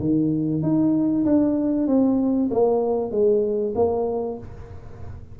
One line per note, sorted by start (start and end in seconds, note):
0.00 0.62 D#3
0.63 1.25 D#4
1.26 1.88 D4
1.88 2.50 C4
2.51 3.11 A#3
3.11 3.74 G#3
3.76 4.38 A#3